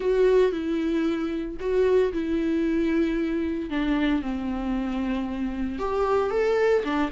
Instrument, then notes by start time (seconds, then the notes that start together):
viola
0.00 F#4
0.51 E4
1.60 F#4
2.12 E4
3.70 D4
4.22 C4
5.78 G4
6.30 A4
6.84 D4